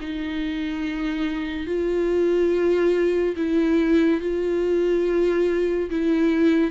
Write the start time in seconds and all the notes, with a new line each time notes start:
0.00 D#4
1.66 F4
3.36 E4
4.20 F4
5.90 E4